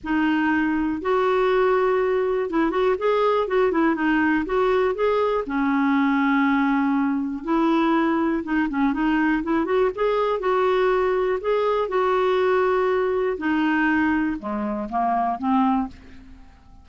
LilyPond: \new Staff \with { instrumentName = "clarinet" } { \time 4/4 \tempo 4 = 121 dis'2 fis'2~ | fis'4 e'8 fis'8 gis'4 fis'8 e'8 | dis'4 fis'4 gis'4 cis'4~ | cis'2. e'4~ |
e'4 dis'8 cis'8 dis'4 e'8 fis'8 | gis'4 fis'2 gis'4 | fis'2. dis'4~ | dis'4 gis4 ais4 c'4 | }